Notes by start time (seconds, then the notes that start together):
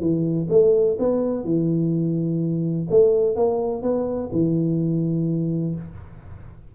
0.00 E3
0.49 A3
0.98 B3
1.44 E3
2.90 A3
3.35 A#3
3.82 B3
4.32 E3